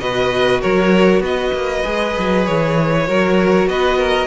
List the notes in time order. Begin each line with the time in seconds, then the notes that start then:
0.00 B2 F#4 B4 D#5
0.61 F#3 A#4 C#5
1.20 B3 B4 D#5
1.53 A#3
1.84 G#3 G#4
2.19 F#3
2.46 E3 C#5
3.08 F#3 F#4 A#4
3.67 B3 B4 D#5
3.98 A#4